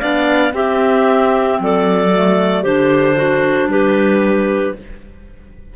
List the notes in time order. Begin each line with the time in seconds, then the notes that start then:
0.00 B3 D4 D5 F5
0.51 C4 G4 E5
1.60 F#3 A4 D5
2.14 A3
2.63 D3 D4 G4 C5
3.16 F#4
3.67 G3 G4 B4